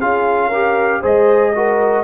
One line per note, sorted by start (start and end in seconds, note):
0.00 1.03 C#4
0.00 0.52 F4
0.00 0.48 G#4
0.00 1.02 F5
0.48 1.02 G4
0.48 0.99 A#4
1.01 2.04 G#3
1.01 1.53 G#4
1.01 1.52 C5
1.01 2.04 D#5
1.55 2.04 F#4
1.55 2.04 A#4